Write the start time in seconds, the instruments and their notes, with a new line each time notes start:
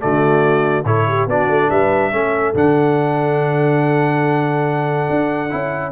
0.00 tuba D3, trombone A3, horn F#4, trumpet D5
0.85 tuba A2, trombone E4, horn A4, trumpet C#5
1.08 horn G4
1.27 tuba B3, trombone D4, horn F#4, trumpet D5
1.49 tuba A3
1.70 tuba G3, horn B4, trumpet E5
2.12 tuba A3, trombone C#4, horn A4
2.55 tuba D3, trombone D4, trumpet F#5
5.10 tuba D4
5.50 tuba C#4, trombone E4